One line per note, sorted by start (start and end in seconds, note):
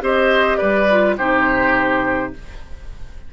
0.00 0.59 C4
0.00 0.87 G4
0.00 0.57 C5
0.00 0.57 D#5
0.57 1.18 G3
0.57 1.15 B4
0.57 1.14 D5
0.90 1.18 F4
1.17 2.33 C3
1.17 2.33 D#4
1.17 2.33 G4
1.17 2.33 C5